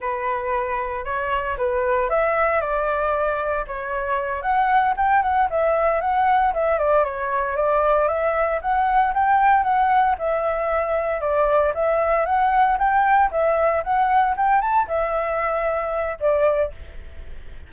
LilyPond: \new Staff \with { instrumentName = "flute" } { \time 4/4 \tempo 4 = 115 b'2 cis''4 b'4 | e''4 d''2 cis''4~ | cis''8 fis''4 g''8 fis''8 e''4 fis''8~ | fis''8 e''8 d''8 cis''4 d''4 e''8~ |
e''8 fis''4 g''4 fis''4 e''8~ | e''4. d''4 e''4 fis''8~ | fis''8 g''4 e''4 fis''4 g''8 | a''8 e''2~ e''8 d''4 | }